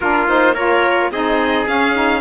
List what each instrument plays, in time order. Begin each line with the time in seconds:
0.00 cello A#3, saxophone D4, trumpet F4, violin A#4
0.27 saxophone D#4, violin C5
0.54 saxophone F4, trumpet A#4, violin C#5
1.11 cello C4, saxophone D#4, trumpet G#4, violin D#5
1.67 saxophone C#4, cello C#4, violin F5
1.94 saxophone D#4